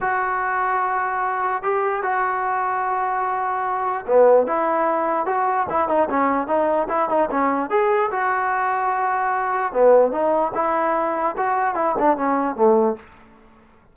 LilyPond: \new Staff \with { instrumentName = "trombone" } { \time 4/4 \tempo 4 = 148 fis'1 | g'4 fis'2.~ | fis'2 b4 e'4~ | e'4 fis'4 e'8 dis'8 cis'4 |
dis'4 e'8 dis'8 cis'4 gis'4 | fis'1 | b4 dis'4 e'2 | fis'4 e'8 d'8 cis'4 a4 | }